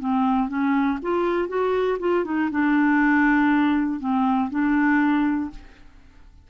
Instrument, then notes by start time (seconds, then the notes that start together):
clarinet
0.00 C4
0.49 C#4
1.02 F4
1.49 F#4
2.00 F4
2.25 D#4
2.51 D4
4.00 C4
4.50 D4